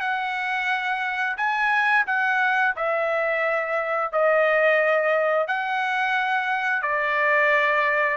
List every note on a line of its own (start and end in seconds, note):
0.00 1.36 F#5
1.37 2.05 G#5
2.07 2.75 F#5
2.76 4.12 E5
4.12 5.47 D#5
5.47 6.82 F#5
6.82 8.17 D5